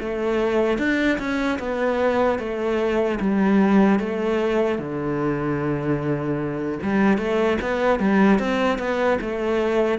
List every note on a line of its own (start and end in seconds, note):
0.00 0.79 A3
0.79 1.19 D4
1.19 1.59 C#4
1.59 2.39 B3
2.39 3.19 A3
3.20 4.00 G3
4.00 4.79 A3
4.79 6.79 D3
6.83 7.18 G3
7.18 7.58 A3
7.62 8.00 B3
8.00 8.39 G3
8.39 8.79 C4
8.79 9.19 B3
9.21 9.99 A3